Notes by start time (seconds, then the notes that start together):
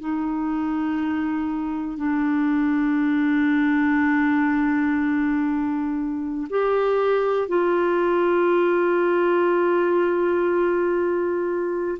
0.00 D#4
1.97 D4
6.50 G4
7.49 F4